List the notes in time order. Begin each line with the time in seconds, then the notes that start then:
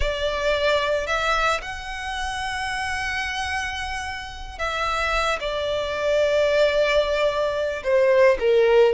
0.00 D5
1.06 E5
1.61 F#5
4.58 E5
5.40 D5
7.83 C5
8.39 A#4